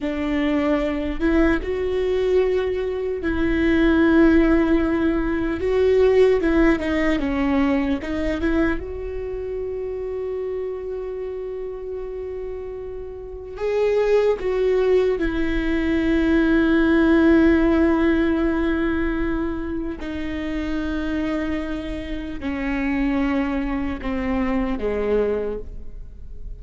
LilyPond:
\new Staff \with { instrumentName = "viola" } { \time 4/4 \tempo 4 = 75 d'4. e'8 fis'2 | e'2. fis'4 | e'8 dis'8 cis'4 dis'8 e'8 fis'4~ | fis'1~ |
fis'4 gis'4 fis'4 e'4~ | e'1~ | e'4 dis'2. | cis'2 c'4 gis4 | }